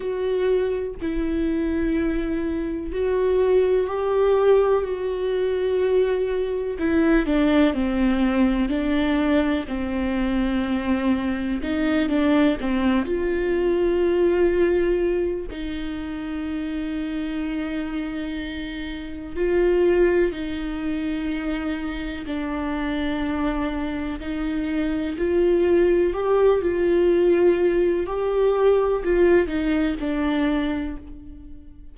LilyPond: \new Staff \with { instrumentName = "viola" } { \time 4/4 \tempo 4 = 62 fis'4 e'2 fis'4 | g'4 fis'2 e'8 d'8 | c'4 d'4 c'2 | dis'8 d'8 c'8 f'2~ f'8 |
dis'1 | f'4 dis'2 d'4~ | d'4 dis'4 f'4 g'8 f'8~ | f'4 g'4 f'8 dis'8 d'4 | }